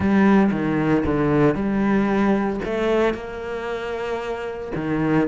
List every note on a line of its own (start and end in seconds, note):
0.00 0.50 G3
0.51 1.04 D#3
1.05 1.54 D3
1.54 2.60 G3
2.64 3.14 A3
3.14 4.72 A#3
4.75 5.28 D#3